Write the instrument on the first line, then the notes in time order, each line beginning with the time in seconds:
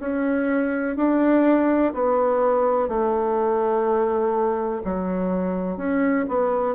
bassoon
0.00 C#4
0.97 D4
1.94 B3
2.89 A3
4.84 F#3
5.77 C#4
6.29 B3